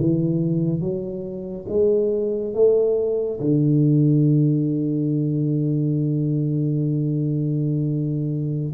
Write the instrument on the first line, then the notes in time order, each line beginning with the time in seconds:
tuba
0.00 E3
0.81 F#3
1.69 G#3
2.54 A3
3.41 D3